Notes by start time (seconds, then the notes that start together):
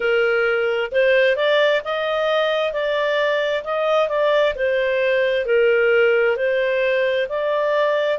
0.00 A#4
0.91 C5
1.36 D5
1.84 D#5
2.72 D5
3.64 D#5
4.08 D5
4.55 C5
5.45 A#4
6.36 C5
7.28 D5